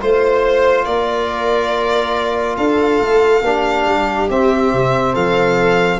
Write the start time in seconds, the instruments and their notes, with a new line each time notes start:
0.00 tuba A3, trombone F4, violin C5, viola C5
0.84 tuba A#3, viola A#4, violin D5
2.57 tuba D4, viola A4, violin F5
3.00 tuba A3
3.42 tuba A#3, trombone D4, viola G4
3.85 tuba G3
4.29 trombone C4, tuba C4, violin E5
4.72 tuba C3
5.13 tuba F3, viola A4, violin F5